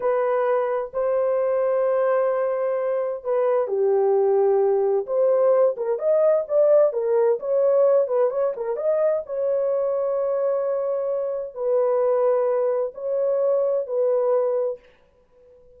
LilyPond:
\new Staff \with { instrumentName = "horn" } { \time 4/4 \tempo 4 = 130 b'2 c''2~ | c''2. b'4 | g'2. c''4~ | c''8 ais'8 dis''4 d''4 ais'4 |
cis''4. b'8 cis''8 ais'8 dis''4 | cis''1~ | cis''4 b'2. | cis''2 b'2 | }